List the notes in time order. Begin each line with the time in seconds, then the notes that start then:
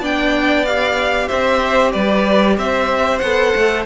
0.00 B3 D4 D5 G5
0.66 G4 F5
1.28 C4 C5 E5
1.92 G3 B4 D5
2.58 C4 C5 E5
3.19 B3 A4 F#5
3.56 A3